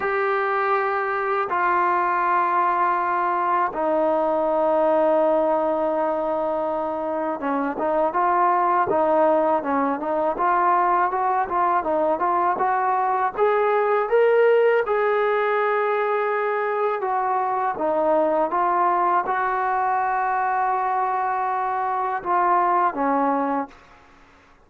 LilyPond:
\new Staff \with { instrumentName = "trombone" } { \time 4/4 \tempo 4 = 81 g'2 f'2~ | f'4 dis'2.~ | dis'2 cis'8 dis'8 f'4 | dis'4 cis'8 dis'8 f'4 fis'8 f'8 |
dis'8 f'8 fis'4 gis'4 ais'4 | gis'2. fis'4 | dis'4 f'4 fis'2~ | fis'2 f'4 cis'4 | }